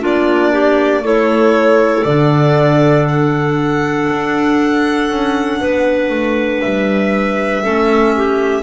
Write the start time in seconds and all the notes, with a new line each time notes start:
0.00 A#3 D4 F4 D5
0.52 G4
1.02 A3 E4 A4 C#5
2.04 D3 D4 D5
3.08 F#5
4.10 D4
5.10 C#4
5.61 B3 B4
6.10 A3
6.61 G3 E5
7.63 A3 C#4 A4
8.16 G4